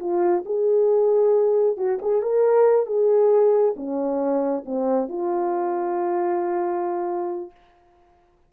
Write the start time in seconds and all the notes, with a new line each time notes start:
0.00 F4
0.46 G#4
1.77 F#4
2.02 G#4
2.22 A#4
2.87 G#4
3.76 C#4
4.66 C4
5.09 F4